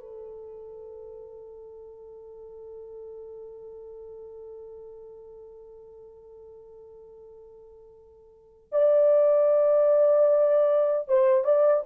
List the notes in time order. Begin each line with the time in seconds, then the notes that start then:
0.00 A4
8.72 D5
11.08 C5
11.45 D5